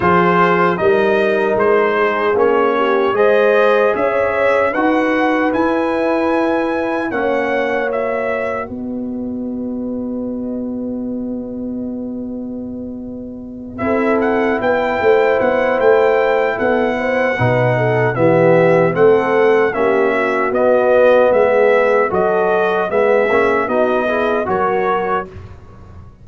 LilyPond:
<<
  \new Staff \with { instrumentName = "trumpet" } { \time 4/4 \tempo 4 = 76 c''4 dis''4 c''4 cis''4 | dis''4 e''4 fis''4 gis''4~ | gis''4 fis''4 e''4 dis''4~ | dis''1~ |
dis''4. e''8 fis''8 g''4 fis''8 | g''4 fis''2 e''4 | fis''4 e''4 dis''4 e''4 | dis''4 e''4 dis''4 cis''4 | }
  \new Staff \with { instrumentName = "horn" } { \time 4/4 gis'4 ais'4. gis'4 g'8 | c''4 cis''4 b'2~ | b'4 cis''2 b'4~ | b'1~ |
b'4. a'4 b'8 c''4~ | c''4 a'8 c''8 b'8 a'8 g'4 | a'4 g'8 fis'4. gis'4 | a'4 gis'4 fis'8 gis'8 ais'4 | }
  \new Staff \with { instrumentName = "trombone" } { \time 4/4 f'4 dis'2 cis'4 | gis'2 fis'4 e'4~ | e'4 cis'4 fis'2~ | fis'1~ |
fis'4. e'2~ e'8~ | e'2 dis'4 b4 | c'4 cis'4 b2 | fis'4 b8 cis'8 dis'8 e'8 fis'4 | }
  \new Staff \with { instrumentName = "tuba" } { \time 4/4 f4 g4 gis4 ais4 | gis4 cis'4 dis'4 e'4~ | e'4 ais2 b4~ | b1~ |
b4. c'4 b8 a8 b8 | a4 b4 b,4 e4 | a4 ais4 b4 gis4 | fis4 gis8 ais8 b4 fis4 | }
>>